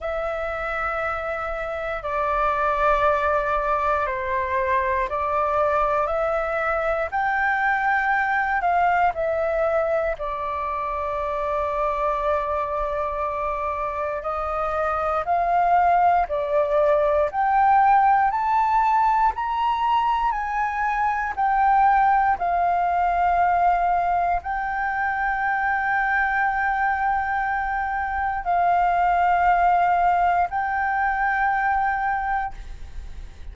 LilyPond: \new Staff \with { instrumentName = "flute" } { \time 4/4 \tempo 4 = 59 e''2 d''2 | c''4 d''4 e''4 g''4~ | g''8 f''8 e''4 d''2~ | d''2 dis''4 f''4 |
d''4 g''4 a''4 ais''4 | gis''4 g''4 f''2 | g''1 | f''2 g''2 | }